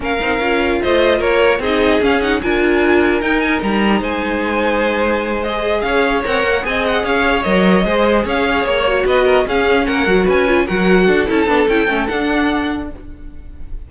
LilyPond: <<
  \new Staff \with { instrumentName = "violin" } { \time 4/4 \tempo 4 = 149 f''2 dis''4 cis''4 | dis''4 f''8 fis''8 gis''2 | g''8 gis''8 ais''4 gis''2~ | gis''4. dis''4 f''4 fis''8~ |
fis''8 gis''8 fis''8 f''4 dis''4.~ | dis''8 f''4 cis''4 dis''4 f''8~ | f''8 fis''4 gis''4 fis''4. | a''4 g''4 fis''2 | }
  \new Staff \with { instrumentName = "violin" } { \time 4/4 ais'2 c''4 ais'4 | gis'2 ais'2~ | ais'2 c''2~ | c''2~ c''8 cis''4.~ |
cis''8 dis''4 cis''2 c''8~ | c''8 cis''2 b'8 ais'8 gis'8~ | gis'8 ais'4 b'4 ais'4 a'8~ | a'1 | }
  \new Staff \with { instrumentName = "viola" } { \time 4/4 cis'8 dis'8 f'2. | dis'4 cis'8 dis'8 f'2 | dis'1~ | dis'4. gis'2 ais'8~ |
ais'8 gis'2 ais'4 gis'8~ | gis'2 fis'4. cis'8~ | cis'4 fis'4 f'8 fis'4. | e'8 d'8 e'8 cis'8 d'2 | }
  \new Staff \with { instrumentName = "cello" } { \time 4/4 ais8 c'8 cis'4 a4 ais4 | c'4 cis'4 d'2 | dis'4 g4 gis2~ | gis2~ gis8 cis'4 c'8 |
ais8 c'4 cis'4 fis4 gis8~ | gis8 cis'4 ais4 b4 cis'8~ | cis'8 ais8 fis8 cis'4 fis4 d'8 | cis'8 b8 cis'8 a8 d'2 | }
>>